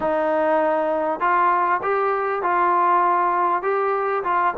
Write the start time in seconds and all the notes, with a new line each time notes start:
0.00 D#4
1.20 F4
1.82 G4
2.42 F4
3.62 G4
4.23 F4